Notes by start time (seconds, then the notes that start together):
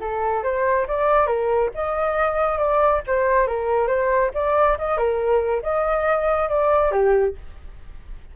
0.00 A4
0.43 C5
0.88 D5
1.27 A#4
1.74 D#5
2.58 D5
3.07 C5
3.47 A#4
3.87 C5
4.34 D5
4.78 D#5
4.97 A#4
5.63 D#5
6.49 D5
6.91 G4